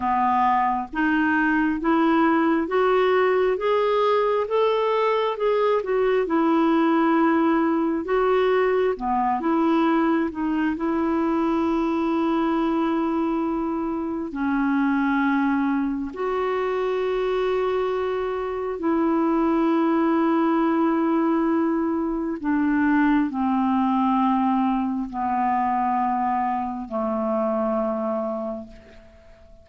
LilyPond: \new Staff \with { instrumentName = "clarinet" } { \time 4/4 \tempo 4 = 67 b4 dis'4 e'4 fis'4 | gis'4 a'4 gis'8 fis'8 e'4~ | e'4 fis'4 b8 e'4 dis'8 | e'1 |
cis'2 fis'2~ | fis'4 e'2.~ | e'4 d'4 c'2 | b2 a2 | }